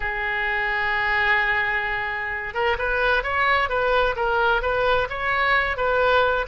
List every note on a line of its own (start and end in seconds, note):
0.00 2.53 G#4
2.53 2.77 A#4
2.78 3.23 B4
3.23 3.69 C#5
3.69 4.15 B4
4.16 4.62 A#4
4.62 5.08 B4
5.09 5.76 C#5
5.76 6.46 B4